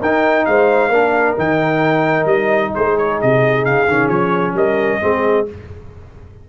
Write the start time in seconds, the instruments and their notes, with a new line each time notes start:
0.00 tuba D#4, trombone D#4, horn A#4, trumpet G5
0.45 tuba G#3, horn C5, trumpet F5
0.89 tuba A#3, trombone D4, horn A#4
1.37 tuba D#3, trombone D#4, trumpet G5
2.25 tuba G3, trumpet D#5
2.74 tuba G#3, horn G#4, trumpet C5
2.97 trumpet C#5
3.21 tuba C3, trumpet D#5
3.65 tuba C#3, trumpet F5
3.87 tuba D#3, trombone C#4
4.08 tuba F3, trumpet C#5
4.53 tuba G3, horn A#4, trumpet D#5
5.00 tuba G#3, trombone C4, horn G#4